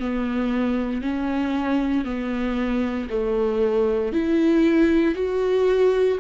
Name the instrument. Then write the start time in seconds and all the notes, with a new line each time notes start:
viola
0.00 B3
1.03 C#4
2.05 B3
3.10 A3
4.13 E4
5.15 F#4